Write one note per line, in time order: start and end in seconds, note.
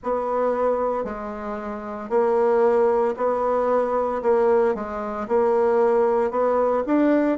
0.02 1.04 B3
1.04 2.09 G#3
2.09 3.14 A#3
3.16 4.22 B3
4.22 4.74 A#3
4.74 5.27 G#3
5.27 6.30 A#3
6.30 6.83 B3
6.86 7.38 D4